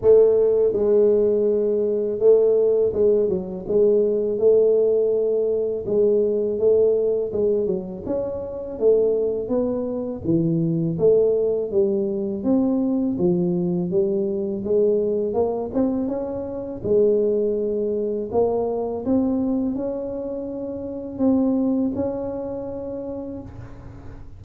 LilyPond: \new Staff \with { instrumentName = "tuba" } { \time 4/4 \tempo 4 = 82 a4 gis2 a4 | gis8 fis8 gis4 a2 | gis4 a4 gis8 fis8 cis'4 | a4 b4 e4 a4 |
g4 c'4 f4 g4 | gis4 ais8 c'8 cis'4 gis4~ | gis4 ais4 c'4 cis'4~ | cis'4 c'4 cis'2 | }